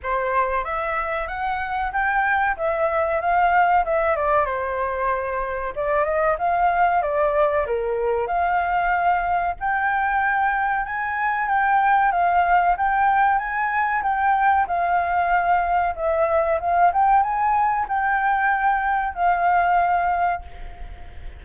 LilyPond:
\new Staff \with { instrumentName = "flute" } { \time 4/4 \tempo 4 = 94 c''4 e''4 fis''4 g''4 | e''4 f''4 e''8 d''8 c''4~ | c''4 d''8 dis''8 f''4 d''4 | ais'4 f''2 g''4~ |
g''4 gis''4 g''4 f''4 | g''4 gis''4 g''4 f''4~ | f''4 e''4 f''8 g''8 gis''4 | g''2 f''2 | }